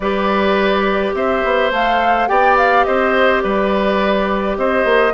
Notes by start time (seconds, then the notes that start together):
0.00 G3 G4 B4 D5
1.14 C4 C5 E5
1.44 B3
1.71 A3 A4 F5
2.27 B3 G4 D5 G5
2.57 F5
2.84 C4 C5 D#5
3.42 G3 B4 D5
4.57 C4 C5 D#5
4.84 A#3